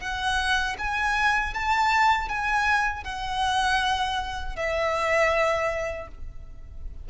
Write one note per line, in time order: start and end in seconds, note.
0.00 0.76 F#5
0.78 1.54 G#5
1.54 2.29 A5
2.29 3.04 G#5
3.04 4.56 F#5
4.56 6.08 E5